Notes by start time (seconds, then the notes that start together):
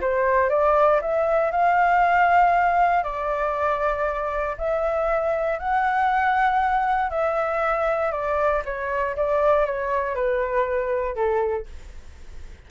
0.00 C5
0.49 D5
1.01 E5
1.51 F5
3.03 D5
4.57 E5
5.59 F#5
7.10 E5
8.11 D5
8.64 C#5
9.16 D5
9.65 C#5
10.14 B4
11.15 A4